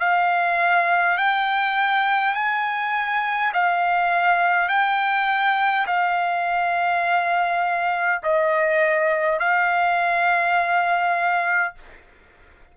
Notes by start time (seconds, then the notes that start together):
0.00 F5
1.18 G5
2.35 G#5
3.53 F5
4.69 G5
5.87 F5
8.24 D#5
9.40 F5